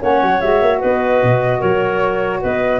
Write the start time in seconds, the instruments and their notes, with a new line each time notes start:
0.00 tuba A#3, saxophone C#4, clarinet C#5, flute F#5
0.22 tuba F#3
0.40 tuba G#3, saxophone F#4, flute E5
0.61 tuba A#3
0.79 tuba B3, clarinet B4, flute D#5
1.22 tuba B2
1.59 tuba F#3, clarinet A#4, flute C#5
2.41 tuba B3, clarinet B4, flute D#5